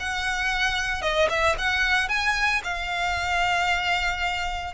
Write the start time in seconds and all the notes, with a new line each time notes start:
0.00 F#5
1.02 D#5
1.30 E5
1.58 F#5
2.09 G#5
2.64 F5